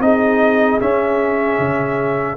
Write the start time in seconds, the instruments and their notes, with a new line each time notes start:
0.00 tuba C4, trombone D#4, horn G#4, trumpet D#5
0.81 tuba C#4, trombone C#4, trumpet E5
1.59 tuba C#3